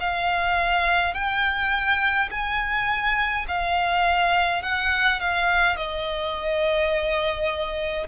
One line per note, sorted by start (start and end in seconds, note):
0.00 1.14 F5
1.14 2.29 G5
2.31 3.46 G#5
3.48 4.63 F5
4.63 5.20 F#5
5.20 5.76 F5
5.76 8.07 D#5